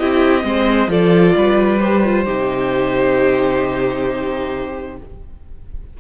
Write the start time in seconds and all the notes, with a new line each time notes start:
0.00 C4 E4 G4 D#5
0.43 G#3 C4 C5
0.88 F3 F4 A4 D5
1.36 G3 B4
1.80 G4 C5
2.05 F4
2.24 C3 D#4 G4